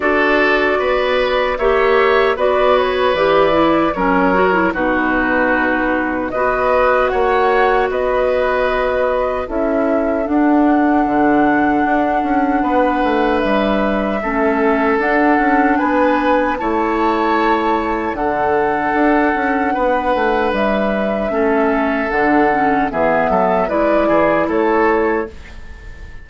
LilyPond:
<<
  \new Staff \with { instrumentName = "flute" } { \time 4/4 \tempo 4 = 76 d''2 e''4 d''8 cis''8 | d''4 cis''4 b'2 | dis''4 fis''4 dis''2 | e''4 fis''2.~ |
fis''4 e''2 fis''4 | gis''4 a''2 fis''4~ | fis''2 e''2 | fis''4 e''4 d''4 cis''4 | }
  \new Staff \with { instrumentName = "oboe" } { \time 4/4 a'4 b'4 cis''4 b'4~ | b'4 ais'4 fis'2 | b'4 cis''4 b'2 | a'1 |
b'2 a'2 | b'4 cis''2 a'4~ | a'4 b'2 a'4~ | a'4 gis'8 a'8 b'8 gis'8 a'4 | }
  \new Staff \with { instrumentName = "clarinet" } { \time 4/4 fis'2 g'4 fis'4 | g'8 e'8 cis'8 fis'16 e'16 dis'2 | fis'1 | e'4 d'2.~ |
d'2 cis'4 d'4~ | d'4 e'2 d'4~ | d'2. cis'4 | d'8 cis'8 b4 e'2 | }
  \new Staff \with { instrumentName = "bassoon" } { \time 4/4 d'4 b4 ais4 b4 | e4 fis4 b,2 | b4 ais4 b2 | cis'4 d'4 d4 d'8 cis'8 |
b8 a8 g4 a4 d'8 cis'8 | b4 a2 d4 | d'8 cis'8 b8 a8 g4 a4 | d4 e8 fis8 gis8 e8 a4 | }
>>